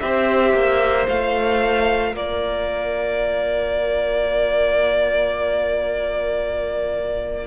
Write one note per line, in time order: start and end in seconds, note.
0.00 0.54 C4
0.00 1.07 G4
0.00 2.12 C5
0.00 1.07 E5
0.54 1.07 A#3
1.07 2.14 A3
1.07 7.48 F4
1.07 2.16 F5
2.12 7.48 A#3
2.12 7.47 A#4
2.12 7.48 D5